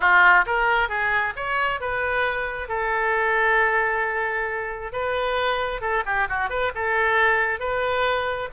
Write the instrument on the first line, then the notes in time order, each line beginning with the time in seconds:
oboe
0.00 F4
0.46 A#4
0.89 G#4
1.36 C#5
1.80 B4
2.68 A4
4.92 B4
5.81 A4
6.05 G4
6.28 F#4
6.49 B4
6.74 A4
7.59 B4